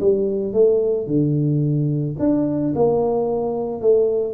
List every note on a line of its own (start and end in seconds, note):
0.00 0.53 G3
0.53 1.07 A3
1.07 2.16 D3
2.19 2.73 D4
2.75 3.81 A#3
3.81 4.33 A3